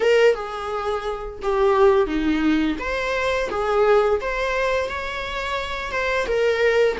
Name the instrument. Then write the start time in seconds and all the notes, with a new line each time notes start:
viola
0.00 A#4
0.35 G#4
1.42 G4
2.06 D#4
2.79 C5
3.50 G#4
4.20 C5
4.88 C#5
5.91 C5
6.26 A#4